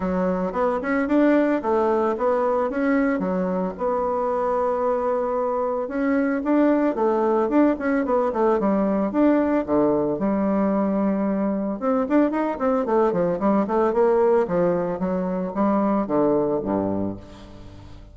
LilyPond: \new Staff \with { instrumentName = "bassoon" } { \time 4/4 \tempo 4 = 112 fis4 b8 cis'8 d'4 a4 | b4 cis'4 fis4 b4~ | b2. cis'4 | d'4 a4 d'8 cis'8 b8 a8 |
g4 d'4 d4 g4~ | g2 c'8 d'8 dis'8 c'8 | a8 f8 g8 a8 ais4 f4 | fis4 g4 d4 g,4 | }